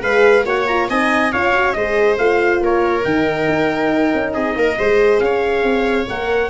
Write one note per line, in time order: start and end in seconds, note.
0.00 0.46 G#3
0.00 0.43 G#4
0.00 0.45 B4
0.00 0.46 F5
0.46 0.89 A#3
0.46 0.68 F#4
0.46 0.89 C#5
0.46 0.67 F#5
0.67 0.90 F4
0.67 0.89 A#5
0.89 1.33 C4
0.89 1.33 D#4
0.89 1.33 D#5
0.89 1.32 G#5
1.32 1.76 C#4
1.32 1.54 F4
1.32 1.76 C#5
1.32 1.73 F5
1.54 1.76 F#4
1.73 2.18 G#3
1.73 2.19 G#4
1.73 2.64 C5
1.73 2.16 D#5
2.18 2.61 A3
2.18 3.03 F4
2.18 2.62 F5
2.61 3.04 A#3
2.61 4.34 A#4
2.61 3.05 C#5
3.03 3.49 D#3
3.03 4.76 D#4
3.03 4.34 G5
3.49 4.13 D#4
4.14 4.35 C#4
4.34 4.56 C4
4.34 4.56 G#4
4.34 5.20 D#5
4.56 4.78 A#3
4.56 4.79 A#4
4.79 5.20 G#3
4.79 6.08 G#4
4.79 5.22 C5
5.20 5.63 C#4
5.20 6.50 C#5
5.20 6.07 F5
5.63 6.06 C4
6.08 6.50 A#3
6.08 6.50 A#4
6.08 6.50 F#5